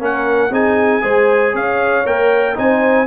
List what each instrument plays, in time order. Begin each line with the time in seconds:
0.00 tuba A#3, trombone C#4, horn A#4, trumpet F#5
0.51 tuba C4, trombone D#4, horn G#4, trumpet G#5
1.02 tuba G#3, trombone G#4, horn C5
1.53 tuba C#4, horn C#5, trumpet F5
2.06 tuba A#3, trombone A#4, trumpet G5
2.56 tuba C4, trombone D#4, horn C5, trumpet G#5